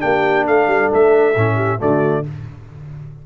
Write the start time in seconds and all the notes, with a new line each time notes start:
0.00 A#3 D4 G4 G5
0.46 A3 A4 F5
0.67 G3
0.94 A3 E5
1.36 A2 C#4
1.56 G4
1.79 D3 A3 F#4 D5